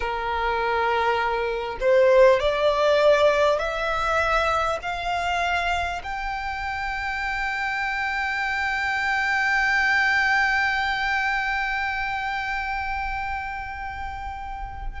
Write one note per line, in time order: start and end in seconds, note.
0.00 1.78 A#4
1.80 2.40 C5
2.40 3.58 D5
3.58 4.78 E5
4.82 6.02 F5
6.03 15.00 G5